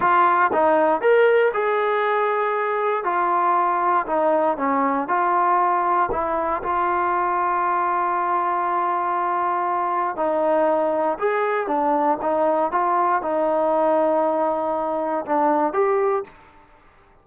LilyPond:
\new Staff \with { instrumentName = "trombone" } { \time 4/4 \tempo 4 = 118 f'4 dis'4 ais'4 gis'4~ | gis'2 f'2 | dis'4 cis'4 f'2 | e'4 f'2.~ |
f'1 | dis'2 gis'4 d'4 | dis'4 f'4 dis'2~ | dis'2 d'4 g'4 | }